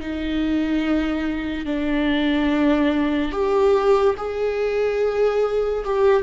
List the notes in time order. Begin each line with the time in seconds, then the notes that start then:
0.00 D#4
1.66 D4
3.31 G4
4.17 G#4
5.84 G4